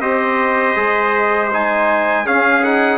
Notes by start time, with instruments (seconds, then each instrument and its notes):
0.00 bassoon C4, trombone G4, trumpet C5 D#5
0.76 bassoon G#3, trombone G#4
1.52 trombone D#4, trumpet G#5
2.25 trombone C#4, bassoon C#4, trumpet G#4 F5
2.63 trombone D#4, trumpet F#5